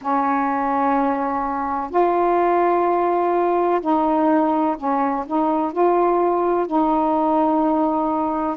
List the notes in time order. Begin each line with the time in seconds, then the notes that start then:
0.01 C#4
1.90 F4
3.81 D#4
4.77 C#4
5.26 D#4
5.72 F4
6.67 D#4